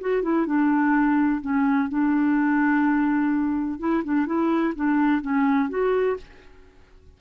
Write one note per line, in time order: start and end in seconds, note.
0.00 0.22 F#4
0.22 0.46 E4
0.46 1.41 D4
1.41 1.89 C#4
1.89 3.79 D4
3.79 4.03 E4
4.04 4.26 D4
4.26 4.73 E4
4.75 5.21 D4
5.21 5.69 C#4
5.69 6.17 F#4